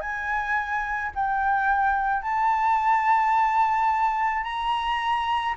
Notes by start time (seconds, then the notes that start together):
0.00 G#5
1.15 G5
2.22 A5
4.43 A#5